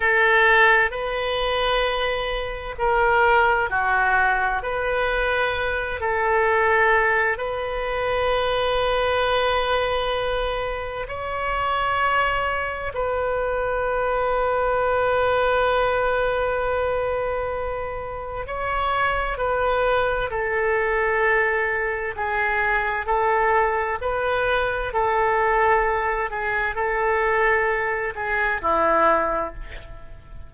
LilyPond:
\new Staff \with { instrumentName = "oboe" } { \time 4/4 \tempo 4 = 65 a'4 b'2 ais'4 | fis'4 b'4. a'4. | b'1 | cis''2 b'2~ |
b'1 | cis''4 b'4 a'2 | gis'4 a'4 b'4 a'4~ | a'8 gis'8 a'4. gis'8 e'4 | }